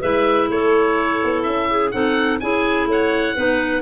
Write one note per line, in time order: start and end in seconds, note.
0.00 0.49 G#3
0.00 1.92 E4
0.00 0.48 B4
0.00 0.49 E5
0.49 1.20 A3
0.49 1.70 A4
0.49 1.43 C#5
1.23 1.46 B3
1.43 1.93 C#4
1.43 1.90 E5
1.70 1.93 G#4
1.91 2.41 C4
1.91 2.40 D#4
1.91 2.41 A4
1.91 2.38 F#5
2.40 2.86 C#4
2.40 3.36 E4
2.40 2.89 G#4
2.40 2.87 G#5
2.86 3.34 A3
2.86 3.35 C#5
2.86 3.82 F#5
3.35 3.82 B3
3.35 3.82 D#4
3.35 3.82 B4